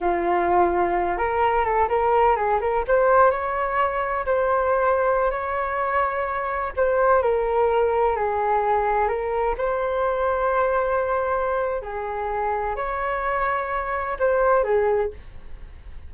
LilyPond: \new Staff \with { instrumentName = "flute" } { \time 4/4 \tempo 4 = 127 f'2~ f'8 ais'4 a'8 | ais'4 gis'8 ais'8 c''4 cis''4~ | cis''4 c''2~ c''16 cis''8.~ | cis''2~ cis''16 c''4 ais'8.~ |
ais'4~ ais'16 gis'2 ais'8.~ | ais'16 c''2.~ c''8.~ | c''4 gis'2 cis''4~ | cis''2 c''4 gis'4 | }